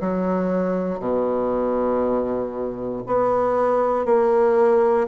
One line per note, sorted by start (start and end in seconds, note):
0.00 0.99 F#3
0.99 3.03 B2
3.06 4.06 B3
4.06 5.08 A#3